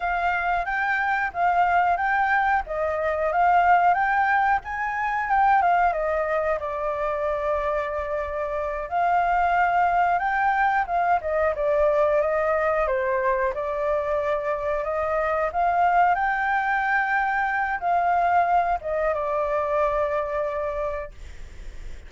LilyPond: \new Staff \with { instrumentName = "flute" } { \time 4/4 \tempo 4 = 91 f''4 g''4 f''4 g''4 | dis''4 f''4 g''4 gis''4 | g''8 f''8 dis''4 d''2~ | d''4. f''2 g''8~ |
g''8 f''8 dis''8 d''4 dis''4 c''8~ | c''8 d''2 dis''4 f''8~ | f''8 g''2~ g''8 f''4~ | f''8 dis''8 d''2. | }